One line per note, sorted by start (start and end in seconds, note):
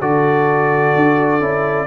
0.00 0.96 D3
0.00 1.41 F#4
0.00 1.87 A4
0.00 1.87 D5
0.96 1.40 D4
1.40 1.87 C#4
1.40 1.87 E4